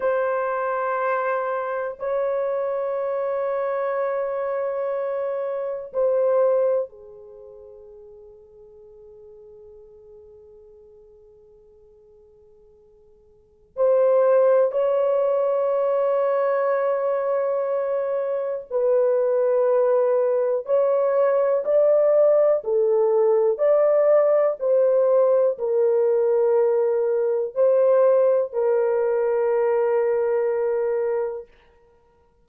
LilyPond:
\new Staff \with { instrumentName = "horn" } { \time 4/4 \tempo 4 = 61 c''2 cis''2~ | cis''2 c''4 gis'4~ | gis'1~ | gis'2 c''4 cis''4~ |
cis''2. b'4~ | b'4 cis''4 d''4 a'4 | d''4 c''4 ais'2 | c''4 ais'2. | }